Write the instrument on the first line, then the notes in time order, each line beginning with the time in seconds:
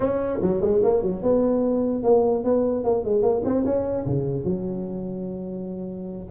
tuba
0.00 C#4
0.41 F#3
0.61 G#3
0.83 A#3
1.02 F#3
1.22 B3
2.03 A#3
2.43 B3
2.84 A#3
3.04 G#3
3.22 A#3
3.44 C4
3.65 C#4
4.06 C#3
4.44 F#3